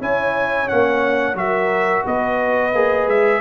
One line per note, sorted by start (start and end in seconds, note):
0.00 0.68 C#4
0.00 0.67 E4
0.00 1.37 C#5
0.00 0.68 G#5
0.67 1.34 A#3
0.67 1.35 C#4
0.67 1.36 F#5
1.34 2.03 F#3
1.34 2.72 F#4
1.34 2.05 A#4
1.34 2.05 E5
2.05 2.74 B3
2.05 3.41 B4
2.05 3.09 D#5
2.74 3.07 A#3
2.74 3.41 G#4
3.07 3.41 G#3
3.07 3.41 E5